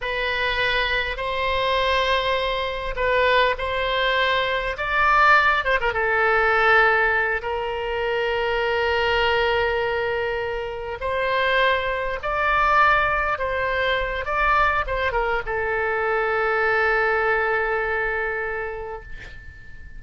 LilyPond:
\new Staff \with { instrumentName = "oboe" } { \time 4/4 \tempo 4 = 101 b'2 c''2~ | c''4 b'4 c''2 | d''4. c''16 ais'16 a'2~ | a'8 ais'2.~ ais'8~ |
ais'2~ ais'8 c''4.~ | c''8 d''2 c''4. | d''4 c''8 ais'8 a'2~ | a'1 | }